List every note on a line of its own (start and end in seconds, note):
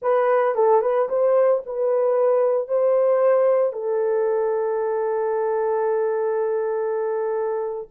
0.02 0.55 B4
0.55 0.81 A4
0.81 1.08 B4
1.08 1.62 C5
1.66 2.68 B4
2.68 3.72 C5
3.72 7.87 A4